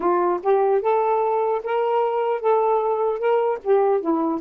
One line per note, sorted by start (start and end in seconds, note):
0.00 0.40 F4
0.43 0.81 G4
0.81 1.61 A4
1.63 2.40 A#4
2.40 3.18 A4
3.18 3.58 A#4
3.63 4.00 G4
4.00 4.40 E4